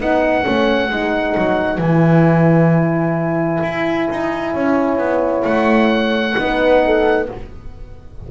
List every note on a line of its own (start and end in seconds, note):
0.00 0.45 B3
0.00 0.44 D#4
0.00 4.53 B4
0.00 1.81 F#5
0.44 0.90 A3
0.44 0.89 C#4
0.90 1.35 G#3
0.90 1.80 D#4
1.38 1.78 F#3
1.78 3.60 E3
1.78 6.35 E4
1.78 5.44 G#5
3.63 4.09 E4
4.11 4.55 D#4
4.53 4.98 C#4
4.53 6.35 C#5
4.98 5.44 B3
5.44 6.36 A3
5.44 7.26 F#5
6.38 7.29 B3
6.38 7.29 D#4
6.38 6.86 B4
6.86 7.31 A4